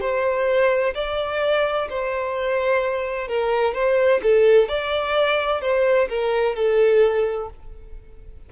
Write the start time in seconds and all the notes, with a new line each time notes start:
0.00 C5
0.94 D5
1.89 C5
3.28 A#4
3.73 C5
4.22 A4
4.68 D5
5.61 C5
6.09 A#4
6.55 A4